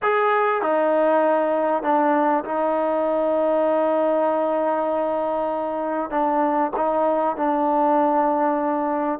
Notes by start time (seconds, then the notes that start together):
0.02 G#4
0.62 D#4
1.82 D4
2.44 D#4
6.10 D4
6.76 D#4
7.36 D4